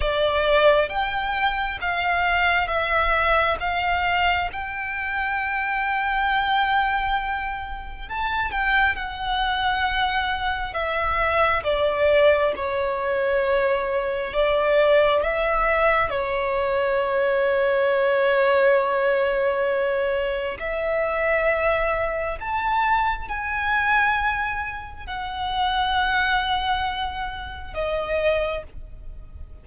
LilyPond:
\new Staff \with { instrumentName = "violin" } { \time 4/4 \tempo 4 = 67 d''4 g''4 f''4 e''4 | f''4 g''2.~ | g''4 a''8 g''8 fis''2 | e''4 d''4 cis''2 |
d''4 e''4 cis''2~ | cis''2. e''4~ | e''4 a''4 gis''2 | fis''2. dis''4 | }